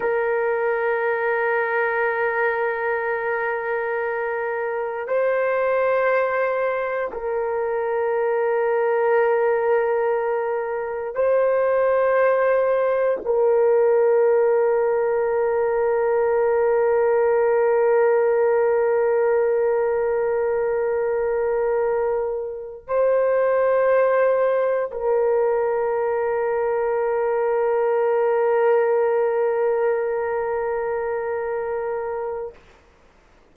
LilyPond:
\new Staff \with { instrumentName = "horn" } { \time 4/4 \tempo 4 = 59 ais'1~ | ais'4 c''2 ais'4~ | ais'2. c''4~ | c''4 ais'2.~ |
ais'1~ | ais'2~ ais'8 c''4.~ | c''8 ais'2.~ ais'8~ | ais'1 | }